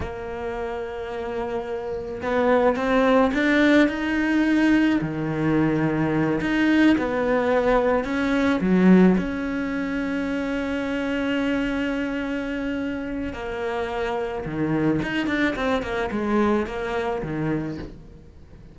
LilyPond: \new Staff \with { instrumentName = "cello" } { \time 4/4 \tempo 4 = 108 ais1 | b4 c'4 d'4 dis'4~ | dis'4 dis2~ dis8 dis'8~ | dis'8 b2 cis'4 fis8~ |
fis8 cis'2.~ cis'8~ | cis'1 | ais2 dis4 dis'8 d'8 | c'8 ais8 gis4 ais4 dis4 | }